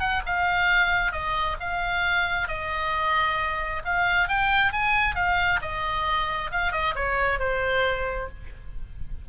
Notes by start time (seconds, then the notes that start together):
0.00 F#5
0.26 F5
1.12 D#5
1.60 F5
2.49 D#5
3.85 F5
4.29 G5
4.73 G#5
5.16 F5
5.62 D#5
6.51 F5
6.72 D#5
6.96 C#5
7.39 C5